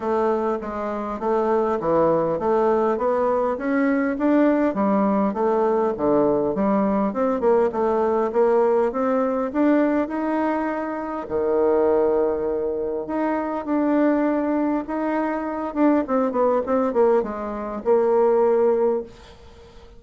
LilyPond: \new Staff \with { instrumentName = "bassoon" } { \time 4/4 \tempo 4 = 101 a4 gis4 a4 e4 | a4 b4 cis'4 d'4 | g4 a4 d4 g4 | c'8 ais8 a4 ais4 c'4 |
d'4 dis'2 dis4~ | dis2 dis'4 d'4~ | d'4 dis'4. d'8 c'8 b8 | c'8 ais8 gis4 ais2 | }